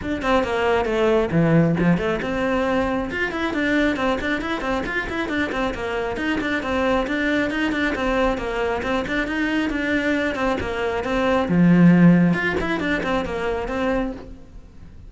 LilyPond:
\new Staff \with { instrumentName = "cello" } { \time 4/4 \tempo 4 = 136 d'8 c'8 ais4 a4 e4 | f8 a8 c'2 f'8 e'8 | d'4 c'8 d'8 e'8 c'8 f'8 e'8 | d'8 c'8 ais4 dis'8 d'8 c'4 |
d'4 dis'8 d'8 c'4 ais4 | c'8 d'8 dis'4 d'4. c'8 | ais4 c'4 f2 | f'8 e'8 d'8 c'8 ais4 c'4 | }